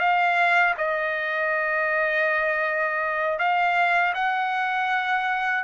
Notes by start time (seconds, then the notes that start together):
0.00 F5
0.78 D#5
3.39 F5
4.15 F#5